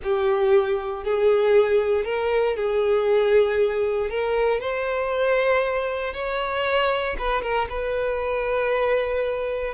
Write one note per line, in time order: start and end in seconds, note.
0.03 1.04 G4
1.04 2.05 G#4
2.05 2.56 A#4
2.56 4.10 G#4
4.10 4.60 A#4
4.60 6.13 C5
6.13 7.16 C#5
7.18 7.42 B4
7.42 7.67 A#4
7.69 9.74 B4